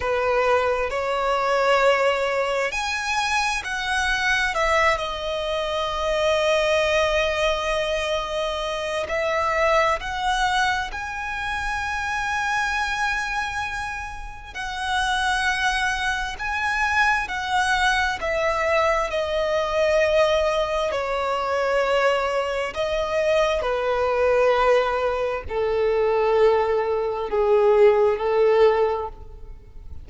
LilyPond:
\new Staff \with { instrumentName = "violin" } { \time 4/4 \tempo 4 = 66 b'4 cis''2 gis''4 | fis''4 e''8 dis''2~ dis''8~ | dis''2 e''4 fis''4 | gis''1 |
fis''2 gis''4 fis''4 | e''4 dis''2 cis''4~ | cis''4 dis''4 b'2 | a'2 gis'4 a'4 | }